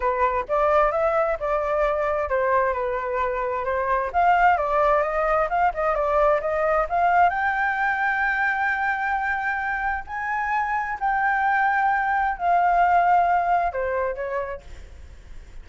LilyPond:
\new Staff \with { instrumentName = "flute" } { \time 4/4 \tempo 4 = 131 b'4 d''4 e''4 d''4~ | d''4 c''4 b'2 | c''4 f''4 d''4 dis''4 | f''8 dis''8 d''4 dis''4 f''4 |
g''1~ | g''2 gis''2 | g''2. f''4~ | f''2 c''4 cis''4 | }